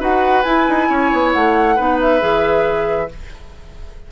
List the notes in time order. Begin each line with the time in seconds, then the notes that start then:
0.00 D#4 F#4 B4 F#5
0.43 E4 G#5
0.70 D#4
0.90 C#4 C#5
1.13 B3
1.33 A3 F#5
1.76 B3 D#4 B4
2.02 E5
2.20 E3 G#4